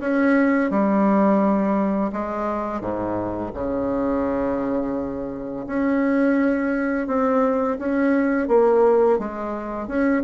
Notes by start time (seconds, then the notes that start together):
0.00 C#4
0.70 G3
2.12 G#3
2.80 G#2
3.54 C#3
5.67 C#4
7.07 C4
7.78 C#4
8.48 A#3
9.18 G#3
9.87 C#4